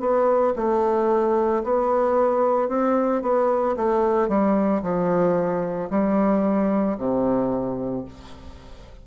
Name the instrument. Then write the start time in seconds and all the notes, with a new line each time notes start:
bassoon
0.00 B3
0.56 A3
1.64 B3
2.69 C4
3.22 B3
3.76 A3
4.29 G3
4.82 F3
5.90 G3
6.98 C3